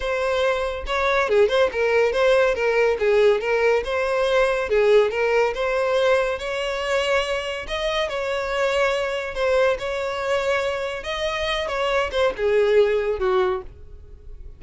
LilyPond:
\new Staff \with { instrumentName = "violin" } { \time 4/4 \tempo 4 = 141 c''2 cis''4 gis'8 c''8 | ais'4 c''4 ais'4 gis'4 | ais'4 c''2 gis'4 | ais'4 c''2 cis''4~ |
cis''2 dis''4 cis''4~ | cis''2 c''4 cis''4~ | cis''2 dis''4. cis''8~ | cis''8 c''8 gis'2 fis'4 | }